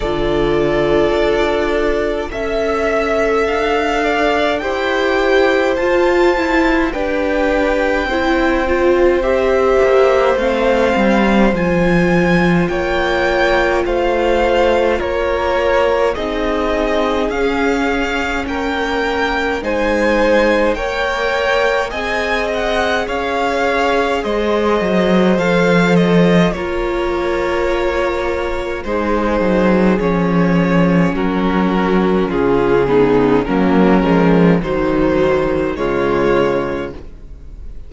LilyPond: <<
  \new Staff \with { instrumentName = "violin" } { \time 4/4 \tempo 4 = 52 d''2 e''4 f''4 | g''4 a''4 g''2 | e''4 f''4 gis''4 g''4 | f''4 cis''4 dis''4 f''4 |
g''4 gis''4 g''4 gis''8 fis''8 | f''4 dis''4 f''8 dis''8 cis''4~ | cis''4 c''4 cis''4 ais'4 | gis'4 ais'4 c''4 cis''4 | }
  \new Staff \with { instrumentName = "violin" } { \time 4/4 a'2 e''4. d''8 | c''2 b'4 c''4~ | c''2. cis''4 | c''4 ais'4 gis'2 |
ais'4 c''4 cis''4 dis''4 | cis''4 c''2 ais'4~ | ais'4 gis'2 fis'4 | f'8 dis'8 cis'4 dis'4 f'4 | }
  \new Staff \with { instrumentName = "viola" } { \time 4/4 f'2 a'2 | g'4 f'8 e'8 d'4 e'8 f'8 | g'4 c'4 f'2~ | f'2 dis'4 cis'4~ |
cis'4 dis'4 ais'4 gis'4~ | gis'2 a'4 f'4~ | f'4 dis'4 cis'2~ | cis'8 b8 ais8 gis8 fis4 gis4 | }
  \new Staff \with { instrumentName = "cello" } { \time 4/4 d4 d'4 cis'4 d'4 | e'4 f'4 g'4 c'4~ | c'8 ais8 a8 g8 f4 ais4 | a4 ais4 c'4 cis'4 |
ais4 gis4 ais4 c'4 | cis'4 gis8 fis8 f4 ais4~ | ais4 gis8 fis8 f4 fis4 | cis4 fis8 f8 dis4 cis4 | }
>>